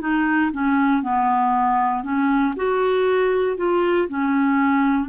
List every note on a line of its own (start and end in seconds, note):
0.00 0.51 D#4
0.52 1.03 C#4
1.03 2.03 B3
2.03 2.54 C#4
2.56 3.57 F#4
3.57 4.08 F4
4.08 5.08 C#4